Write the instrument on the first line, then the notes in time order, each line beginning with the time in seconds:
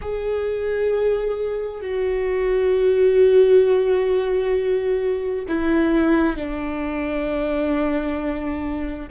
viola
0.01 G#4
1.81 F#4
5.48 E4
6.36 D4